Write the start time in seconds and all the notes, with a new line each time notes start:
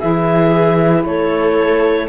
0.00 E3 E4 G#4 E5
1.05 A3 A4 C#5